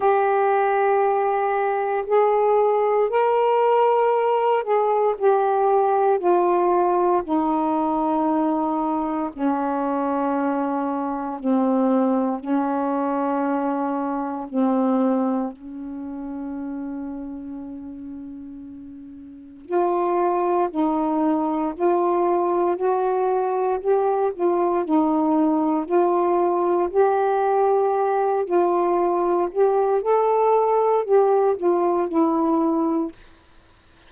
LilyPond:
\new Staff \with { instrumentName = "saxophone" } { \time 4/4 \tempo 4 = 58 g'2 gis'4 ais'4~ | ais'8 gis'8 g'4 f'4 dis'4~ | dis'4 cis'2 c'4 | cis'2 c'4 cis'4~ |
cis'2. f'4 | dis'4 f'4 fis'4 g'8 f'8 | dis'4 f'4 g'4. f'8~ | f'8 g'8 a'4 g'8 f'8 e'4 | }